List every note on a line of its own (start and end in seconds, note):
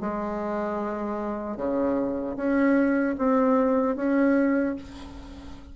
0.00 1.56 G#3
1.56 2.35 C#3
2.36 3.15 C#4
3.18 3.96 C4
3.96 4.75 C#4